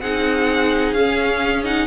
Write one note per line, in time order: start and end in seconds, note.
0.00 0.92 C4
0.00 0.96 D#4
0.00 1.87 G#4
0.00 0.93 F#5
0.92 1.86 C#4
0.92 1.65 C#4
0.92 1.63 F5
1.65 1.87 D#4
1.65 1.87 F#5